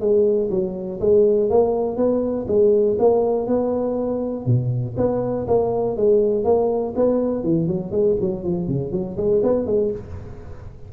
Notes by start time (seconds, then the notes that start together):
0.00 G#3
0.50 F#3
1.00 G#3
1.49 A#3
1.97 B3
2.48 G#3
2.99 A#3
3.47 B3
4.46 B2
4.97 B3
5.47 A#3
5.96 G#3
6.44 A#3
6.96 B3
7.43 E3
7.67 F#3
7.91 G#3
8.20 F#3
8.43 F3
8.68 C#3
8.91 F#3
9.17 G#3
9.43 B3
9.66 G#3